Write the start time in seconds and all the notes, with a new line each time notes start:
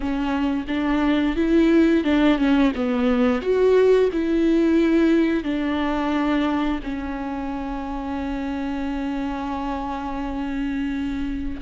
0.00 C#4
0.67 D4
1.35 E4
2.03 D4
2.37 C#4
2.75 B3
3.41 F#4
4.12 E4
5.43 D4
6.83 C#4